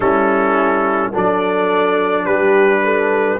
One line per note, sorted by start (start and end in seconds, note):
0.00 1.12 G3
0.00 1.12 C#4
0.00 1.12 E4
0.00 1.12 A4
1.12 2.28 F#3
1.12 3.39 D4
1.12 2.25 A4
1.12 2.25 D5
2.25 3.40 G3
2.25 2.81 G4
2.25 3.38 B4
2.84 3.40 A4